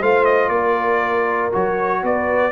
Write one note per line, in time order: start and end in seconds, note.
0.00 0.49 A3
0.00 1.52 F4
0.00 0.50 C5
0.00 0.26 F5
0.26 0.49 D#5
0.49 1.50 A#3
0.49 2.02 A#4
0.49 1.50 D5
1.52 2.04 F#3
1.52 2.52 F#4
1.52 2.05 C#5
2.04 2.52 B3
2.04 2.52 B4
2.04 2.52 D5